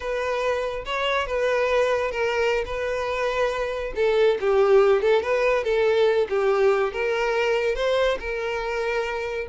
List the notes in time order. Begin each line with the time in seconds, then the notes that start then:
0.00 B4
0.85 C#5
1.26 B4
2.11 A#4
2.65 B4
3.95 A4
4.40 G4
5.01 A4
5.22 B4
5.64 A4
6.29 G4
6.92 A#4
7.75 C5
8.19 A#4